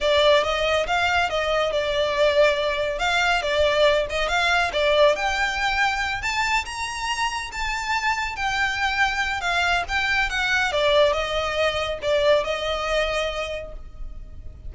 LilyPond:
\new Staff \with { instrumentName = "violin" } { \time 4/4 \tempo 4 = 140 d''4 dis''4 f''4 dis''4 | d''2. f''4 | d''4. dis''8 f''4 d''4 | g''2~ g''8 a''4 ais''8~ |
ais''4. a''2 g''8~ | g''2 f''4 g''4 | fis''4 d''4 dis''2 | d''4 dis''2. | }